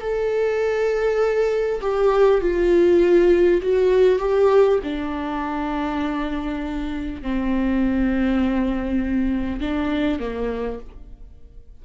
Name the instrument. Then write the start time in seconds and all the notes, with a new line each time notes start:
viola
0.00 A4
1.81 G4
2.41 F4
3.62 F#4
4.19 G4
4.83 D4
7.22 C4
9.61 D4
10.19 A#3